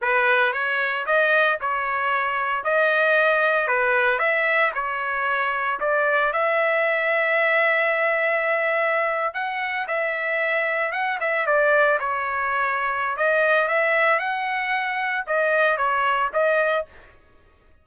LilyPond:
\new Staff \with { instrumentName = "trumpet" } { \time 4/4 \tempo 4 = 114 b'4 cis''4 dis''4 cis''4~ | cis''4 dis''2 b'4 | e''4 cis''2 d''4 | e''1~ |
e''4.~ e''16 fis''4 e''4~ e''16~ | e''8. fis''8 e''8 d''4 cis''4~ cis''16~ | cis''4 dis''4 e''4 fis''4~ | fis''4 dis''4 cis''4 dis''4 | }